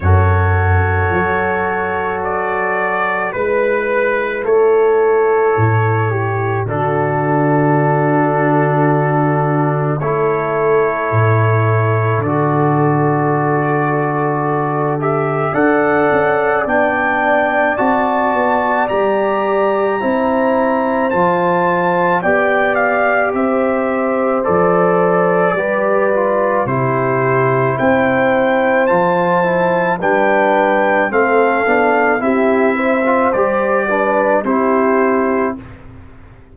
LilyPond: <<
  \new Staff \with { instrumentName = "trumpet" } { \time 4/4 \tempo 4 = 54 cis''2 d''4 b'4 | cis''2 a'2~ | a'4 cis''2 d''4~ | d''4. e''8 fis''4 g''4 |
a''4 ais''2 a''4 | g''8 f''8 e''4 d''2 | c''4 g''4 a''4 g''4 | f''4 e''4 d''4 c''4 | }
  \new Staff \with { instrumentName = "horn" } { \time 4/4 a'2. b'4 | a'4. g'8 fis'2~ | fis'4 a'2.~ | a'2 d''2~ |
d''2 c''2 | d''4 c''2 b'4 | g'4 c''2 b'4 | a'4 g'8 c''4 b'8 g'4 | }
  \new Staff \with { instrumentName = "trombone" } { \time 4/4 fis'2. e'4~ | e'2 d'2~ | d'4 e'2 fis'4~ | fis'4. g'8 a'4 d'4 |
fis'4 g'4 e'4 f'4 | g'2 a'4 g'8 f'8 | e'2 f'8 e'8 d'4 | c'8 d'8 e'8. f'16 g'8 d'8 e'4 | }
  \new Staff \with { instrumentName = "tuba" } { \time 4/4 fis,4 fis2 gis4 | a4 a,4 d2~ | d4 a4 a,4 d4~ | d2 d'8 cis'8 b4 |
c'8 b8 g4 c'4 f4 | b4 c'4 f4 g4 | c4 c'4 f4 g4 | a8 b8 c'4 g4 c'4 | }
>>